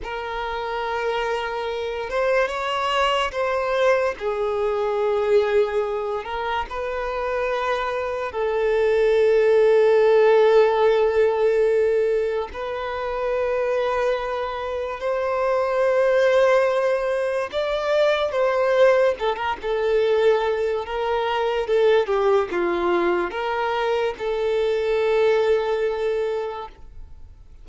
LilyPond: \new Staff \with { instrumentName = "violin" } { \time 4/4 \tempo 4 = 72 ais'2~ ais'8 c''8 cis''4 | c''4 gis'2~ gis'8 ais'8 | b'2 a'2~ | a'2. b'4~ |
b'2 c''2~ | c''4 d''4 c''4 a'16 ais'16 a'8~ | a'4 ais'4 a'8 g'8 f'4 | ais'4 a'2. | }